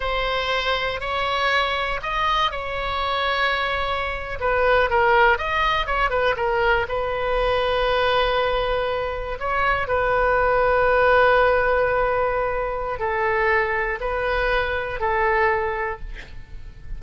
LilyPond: \new Staff \with { instrumentName = "oboe" } { \time 4/4 \tempo 4 = 120 c''2 cis''2 | dis''4 cis''2.~ | cis''8. b'4 ais'4 dis''4 cis''16~ | cis''16 b'8 ais'4 b'2~ b'16~ |
b'2~ b'8. cis''4 b'16~ | b'1~ | b'2 a'2 | b'2 a'2 | }